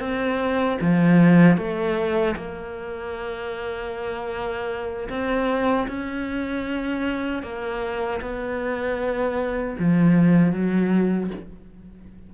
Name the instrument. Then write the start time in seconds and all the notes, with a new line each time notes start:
cello
0.00 C4
0.81 F3
1.58 A3
2.37 A#3
5.10 C4
5.88 C#4
7.43 A#3
8.21 B3
9.79 F3
10.53 F#3